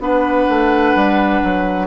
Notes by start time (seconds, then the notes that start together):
0.00 B3 D4 B4 F#5
0.49 A3
0.95 G3
1.43 F#3